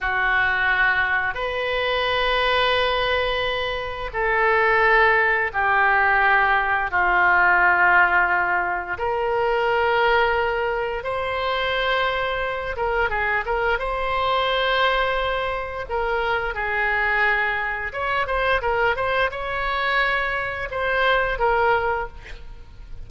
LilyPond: \new Staff \with { instrumentName = "oboe" } { \time 4/4 \tempo 4 = 87 fis'2 b'2~ | b'2 a'2 | g'2 f'2~ | f'4 ais'2. |
c''2~ c''8 ais'8 gis'8 ais'8 | c''2. ais'4 | gis'2 cis''8 c''8 ais'8 c''8 | cis''2 c''4 ais'4 | }